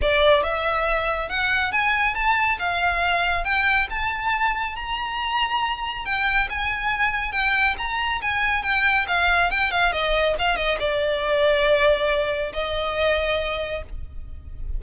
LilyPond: \new Staff \with { instrumentName = "violin" } { \time 4/4 \tempo 4 = 139 d''4 e''2 fis''4 | gis''4 a''4 f''2 | g''4 a''2 ais''4~ | ais''2 g''4 gis''4~ |
gis''4 g''4 ais''4 gis''4 | g''4 f''4 g''8 f''8 dis''4 | f''8 dis''8 d''2.~ | d''4 dis''2. | }